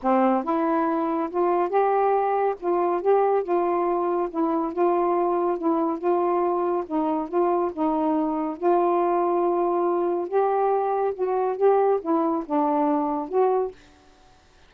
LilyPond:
\new Staff \with { instrumentName = "saxophone" } { \time 4/4 \tempo 4 = 140 c'4 e'2 f'4 | g'2 f'4 g'4 | f'2 e'4 f'4~ | f'4 e'4 f'2 |
dis'4 f'4 dis'2 | f'1 | g'2 fis'4 g'4 | e'4 d'2 fis'4 | }